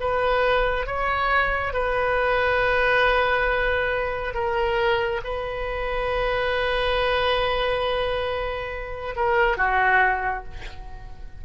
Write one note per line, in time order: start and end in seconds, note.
0.00 0.87 B4
0.87 1.74 C#5
1.74 4.34 B4
4.34 5.21 A#4
5.24 9.15 B4
9.16 9.57 A#4
9.57 10.44 F#4